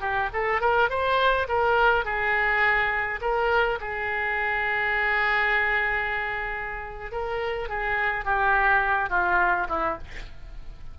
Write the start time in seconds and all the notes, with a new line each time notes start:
0.00 G4
0.33 A4
0.61 A#4
0.89 C5
1.48 A#4
2.05 G#4
3.21 A#4
3.80 G#4
7.11 A#4
7.68 G#4
8.25 G4
9.09 F4
9.69 E4